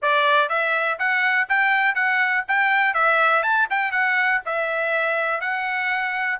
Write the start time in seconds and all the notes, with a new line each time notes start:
0.02 D5
0.49 E5
0.98 F#5
1.48 G5
1.94 F#5
2.48 G5
2.94 E5
3.42 A5
3.70 G5
3.91 F#5
4.45 E5
5.40 F#5